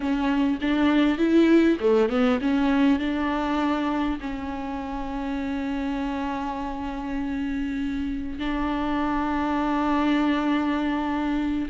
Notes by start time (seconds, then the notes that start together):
0.00 C#4
0.61 D4
1.18 E4
1.80 A3
2.09 B3
2.41 C#4
2.99 D4
4.20 C#4
8.38 D4